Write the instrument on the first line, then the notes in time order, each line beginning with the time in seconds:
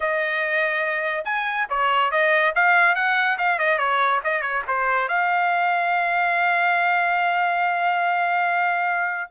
trumpet
0.00 D#5
1.24 G#5
1.69 C#5
2.11 D#5
2.55 F5
2.95 F#5
3.37 F5
3.59 D#5
3.78 C#5
4.23 D#5
4.41 C#5
4.67 C5
5.08 F5